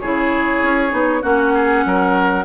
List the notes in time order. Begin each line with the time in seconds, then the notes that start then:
0.00 C#3 E4 G#4 C#5
0.63 C#4
0.90 B3 D#4
1.22 A#3 C#4 F#4 F#5
1.54 G#4
1.85 F#3 A#4